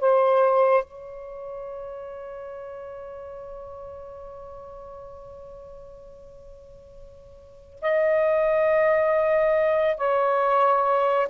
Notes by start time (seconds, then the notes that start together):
0.00 C5
0.85 C#5
7.82 D#5
9.98 C#5